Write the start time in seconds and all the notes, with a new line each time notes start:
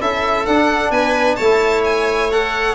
0.00 C#4 E4 A4 E5
0.45 D4 F#5
0.90 B3 B4 G#5
1.35 A3 E4 C#5 A5
1.84 G#5
2.31 A4 F#5